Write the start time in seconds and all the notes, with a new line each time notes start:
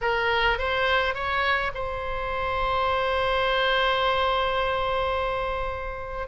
0.01 A#4
0.58 C5
1.14 C#5
1.74 C5